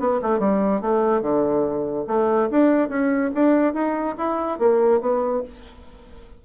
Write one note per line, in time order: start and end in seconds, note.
0.00 0.21 B3
0.22 0.40 A3
0.40 0.82 G3
0.82 1.22 A3
1.22 2.06 D3
2.08 2.50 A3
2.51 2.90 D4
2.90 3.31 C#4
3.35 3.74 D4
3.74 4.16 D#4
4.18 4.59 E4
4.59 5.01 A#3
5.01 5.43 B3